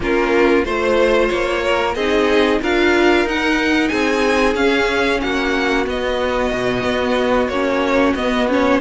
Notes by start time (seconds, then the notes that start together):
0.00 A#3 C#4 F4 A#4
0.64 A3 F4 C5
1.28 A#3 C#5
1.64 A#4
1.94 C4 D#4 G#4 D#5
2.61 D4 F4 A#4 F5
3.24 D#4 F#5
3.88 C4 G#4 G#5
4.54 C#4 F5
5.20 A#3 F#4 F#5
5.86 B3 D#5
6.52 B2
6.83 B3
7.48 A#3 C#4 C#5
8.14 B3 D#5
8.48 C#4 C#5